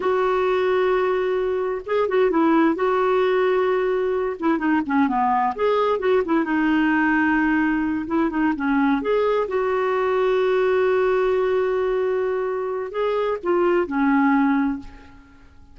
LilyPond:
\new Staff \with { instrumentName = "clarinet" } { \time 4/4 \tempo 4 = 130 fis'1 | gis'8 fis'8 e'4 fis'2~ | fis'4. e'8 dis'8 cis'8 b4 | gis'4 fis'8 e'8 dis'2~ |
dis'4. e'8 dis'8 cis'4 gis'8~ | gis'8 fis'2.~ fis'8~ | fis'1 | gis'4 f'4 cis'2 | }